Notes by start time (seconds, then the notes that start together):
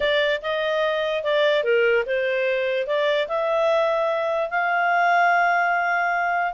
0.00 D5
0.42 D#5
1.23 D5
1.63 A#4
2.06 C5
2.87 D5
3.28 E5
4.50 F5